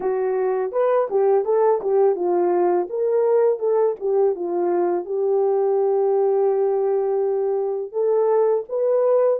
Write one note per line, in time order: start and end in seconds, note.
0.00 0.72 F#4
0.72 1.08 B4
1.10 1.45 G4
1.45 1.81 A4
1.81 2.15 G4
2.15 2.87 F4
2.89 3.59 A#4
3.59 3.95 A4
3.99 4.35 G4
4.35 5.05 F4
5.05 7.92 G4
7.92 8.64 A4
8.68 9.39 B4